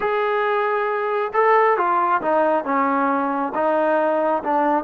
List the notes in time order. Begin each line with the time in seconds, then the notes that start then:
0.00 G#4
1.33 A4
1.77 F4
2.21 D#4
2.64 C#4
3.54 D#4
4.43 D4